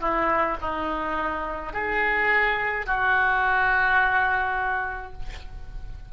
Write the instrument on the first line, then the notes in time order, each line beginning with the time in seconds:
oboe
0.00 E4
0.61 D#4
1.73 G#4
2.86 F#4